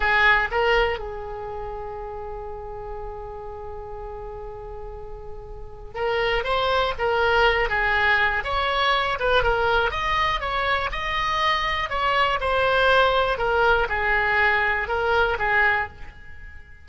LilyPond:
\new Staff \with { instrumentName = "oboe" } { \time 4/4 \tempo 4 = 121 gis'4 ais'4 gis'2~ | gis'1~ | gis'1 | ais'4 c''4 ais'4. gis'8~ |
gis'4 cis''4. b'8 ais'4 | dis''4 cis''4 dis''2 | cis''4 c''2 ais'4 | gis'2 ais'4 gis'4 | }